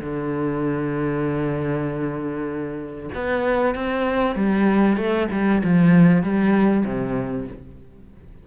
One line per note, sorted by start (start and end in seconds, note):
0.00 3.09 D3
3.14 3.75 B3
3.75 4.36 C4
4.36 4.97 G3
4.97 5.27 A3
5.31 5.62 G3
5.63 6.22 F3
6.22 6.84 G3
6.85 7.47 C3